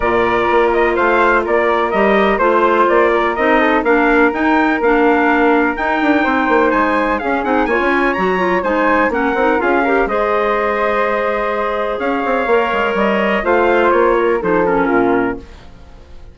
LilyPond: <<
  \new Staff \with { instrumentName = "trumpet" } { \time 4/4 \tempo 4 = 125 d''4. dis''8 f''4 d''4 | dis''4 c''4 d''4 dis''4 | f''4 g''4 f''2 | g''2 gis''4 f''8 fis''8 |
gis''4 ais''4 gis''4 fis''4 | f''4 dis''2.~ | dis''4 f''2 dis''4 | f''4 cis''4 c''8 ais'4. | }
  \new Staff \with { instrumentName = "flute" } { \time 4/4 ais'2 c''4 ais'4~ | ais'4 c''4. ais'4 a'8 | ais'1~ | ais'4 c''2 gis'4 |
cis''2 c''4 ais'4 | gis'8 ais'8 c''2.~ | c''4 cis''2. | c''4. ais'8 a'4 f'4 | }
  \new Staff \with { instrumentName = "clarinet" } { \time 4/4 f'1 | g'4 f'2 dis'4 | d'4 dis'4 d'2 | dis'2. cis'8 dis'8 |
f'4 fis'8 f'8 dis'4 cis'8 dis'8 | f'8 g'8 gis'2.~ | gis'2 ais'2 | f'2 dis'8 cis'4. | }
  \new Staff \with { instrumentName = "bassoon" } { \time 4/4 ais,4 ais4 a4 ais4 | g4 a4 ais4 c'4 | ais4 dis'4 ais2 | dis'8 d'8 c'8 ais8 gis4 cis'8 c'8 |
ais16 cis'8. fis4 gis4 ais8 c'8 | cis'4 gis2.~ | gis4 cis'8 c'8 ais8 gis8 g4 | a4 ais4 f4 ais,4 | }
>>